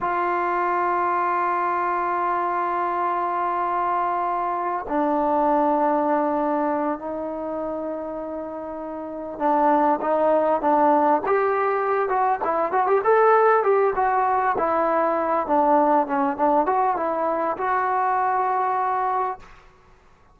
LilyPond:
\new Staff \with { instrumentName = "trombone" } { \time 4/4 \tempo 4 = 99 f'1~ | f'1 | d'2.~ d'8 dis'8~ | dis'2.~ dis'8 d'8~ |
d'8 dis'4 d'4 g'4. | fis'8 e'8 fis'16 g'16 a'4 g'8 fis'4 | e'4. d'4 cis'8 d'8 fis'8 | e'4 fis'2. | }